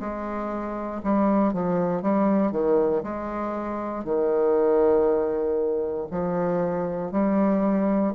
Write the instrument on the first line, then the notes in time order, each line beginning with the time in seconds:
bassoon
0.00 G#3
1.03 G3
1.53 F3
2.02 G3
2.51 D#3
3.03 G#3
4.04 D#3
6.10 F3
7.11 G3